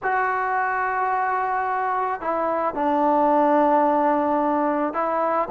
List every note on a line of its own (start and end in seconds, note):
0.02 2.20 F#4
2.20 2.74 E4
2.74 4.93 D4
4.93 5.48 E4